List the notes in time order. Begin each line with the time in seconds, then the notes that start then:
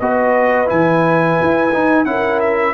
0.00 B3 F#4 B4 D#5
0.67 E3 E4 G#5
1.42 E4
1.73 D#4
2.06 C#4 E4 A#4 F#5
2.40 E5